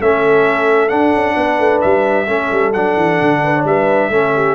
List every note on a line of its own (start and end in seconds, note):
0.00 0.91 A3
0.00 0.89 C#4
0.00 1.36 A4
0.00 0.89 E5
0.89 2.27 D4
0.89 1.13 D4
0.89 1.81 F#5
1.13 1.36 C#4
1.36 1.59 B3
1.36 2.27 B4
1.59 1.82 A3
1.81 2.28 G3
1.81 2.73 E5
2.27 2.51 A3
2.27 2.73 C#4
2.27 3.41 A4
2.52 2.74 G3
2.73 2.96 F#3
2.73 4.12 D4
2.73 3.65 F#5
2.96 3.19 E3
3.22 3.65 D3
3.44 3.55 B4
3.55 3.67 C#5
3.65 4.10 G3
3.65 4.10 B4
3.65 4.55 E5
4.10 4.55 A3
4.10 4.55 C#4
4.10 4.33 A4
4.36 4.55 G4